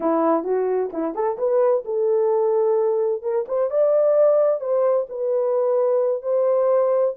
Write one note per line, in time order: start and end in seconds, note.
0.00 0.44 E4
0.44 0.90 F#4
0.93 1.14 E4
1.14 1.37 A4
1.37 1.84 B4
1.84 3.22 A4
3.22 3.45 A#4
3.48 3.70 C5
3.70 4.60 D5
4.60 5.06 C5
5.09 6.22 B4
6.22 7.14 C5